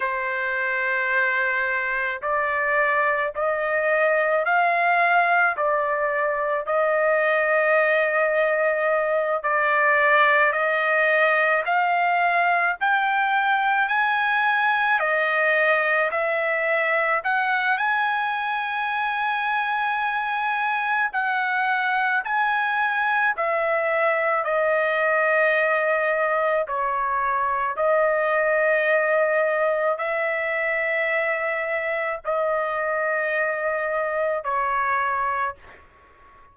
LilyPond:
\new Staff \with { instrumentName = "trumpet" } { \time 4/4 \tempo 4 = 54 c''2 d''4 dis''4 | f''4 d''4 dis''2~ | dis''8 d''4 dis''4 f''4 g''8~ | g''8 gis''4 dis''4 e''4 fis''8 |
gis''2. fis''4 | gis''4 e''4 dis''2 | cis''4 dis''2 e''4~ | e''4 dis''2 cis''4 | }